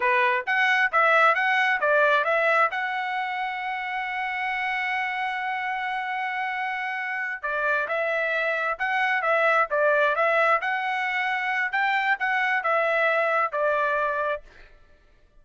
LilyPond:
\new Staff \with { instrumentName = "trumpet" } { \time 4/4 \tempo 4 = 133 b'4 fis''4 e''4 fis''4 | d''4 e''4 fis''2~ | fis''1~ | fis''1~ |
fis''8 d''4 e''2 fis''8~ | fis''8 e''4 d''4 e''4 fis''8~ | fis''2 g''4 fis''4 | e''2 d''2 | }